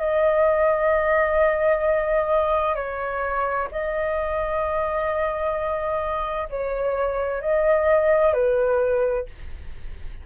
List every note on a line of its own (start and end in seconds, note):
0.00 2.76 D#5
2.76 3.68 C#5
3.72 6.49 D#5
6.50 7.41 C#5
7.41 8.34 D#5
8.34 9.26 B4